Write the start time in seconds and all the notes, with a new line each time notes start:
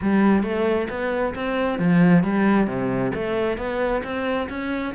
0.01 G3
0.43 A3
0.89 B3
1.34 C4
1.78 F3
2.23 G3
2.67 C3
3.14 A3
3.57 B3
4.03 C4
4.49 C#4